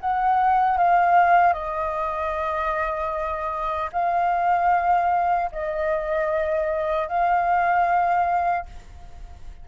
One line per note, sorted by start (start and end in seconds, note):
0.00 0.77 F#5
0.77 1.53 F5
1.53 3.89 D#5
3.92 5.50 F5
5.52 7.07 D#5
7.07 8.65 F5